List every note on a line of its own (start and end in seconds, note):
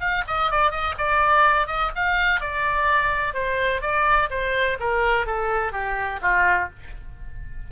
0.00 0.24 F5
0.27 0.51 D#5
0.51 0.71 D5
0.71 0.95 D#5
0.98 1.67 D5
1.67 1.91 D#5
1.95 2.40 F5
2.40 3.34 D5
3.34 3.81 C5
3.81 4.29 D5
4.30 4.77 C5
4.80 5.26 A#4
5.26 5.72 A4
5.72 6.20 G4
6.22 6.69 F4